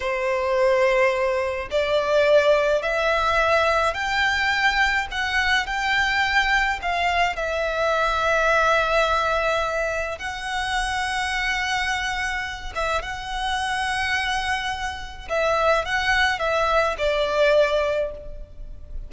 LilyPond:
\new Staff \with { instrumentName = "violin" } { \time 4/4 \tempo 4 = 106 c''2. d''4~ | d''4 e''2 g''4~ | g''4 fis''4 g''2 | f''4 e''2.~ |
e''2 fis''2~ | fis''2~ fis''8 e''8 fis''4~ | fis''2. e''4 | fis''4 e''4 d''2 | }